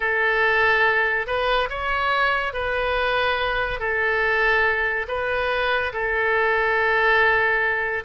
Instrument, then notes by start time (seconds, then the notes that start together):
oboe
0.00 A4
1.26 B4
1.69 C#5
2.53 B4
3.79 A4
5.07 B4
5.92 A4